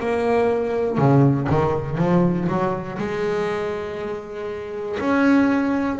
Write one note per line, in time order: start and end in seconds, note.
0.00 0.98 A#3
0.98 1.48 C#3
1.50 1.98 D#3
1.98 2.48 F3
2.49 2.99 F#3
2.99 4.99 G#3
5.00 6.00 C#4